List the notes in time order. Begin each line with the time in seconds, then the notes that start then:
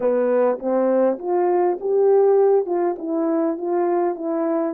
0.00 B3
0.59 C4
1.19 F4
1.80 G4
2.66 F4
2.98 E4
3.57 F4
4.15 E4